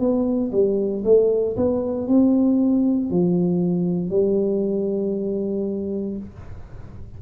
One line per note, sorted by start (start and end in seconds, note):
0.00 0.52 B3
0.52 1.04 G3
1.05 1.57 A3
1.57 2.08 B3
2.08 3.11 C4
3.11 4.11 F3
4.11 6.17 G3